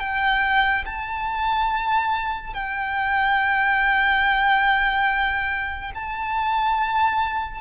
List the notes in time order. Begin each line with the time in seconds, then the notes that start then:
0.00 G5
0.86 A5
2.54 G5
5.95 A5